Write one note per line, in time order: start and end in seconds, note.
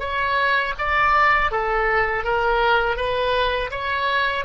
0.00 0.74 C#5
0.78 1.51 D5
1.51 2.24 A4
2.24 2.97 A#4
2.97 3.70 B4
3.71 4.45 C#5